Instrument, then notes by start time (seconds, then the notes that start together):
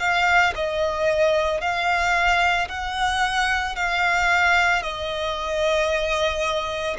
violin
0.00 F5
0.56 D#5
1.61 F5
2.69 F#5
3.76 F5
4.83 D#5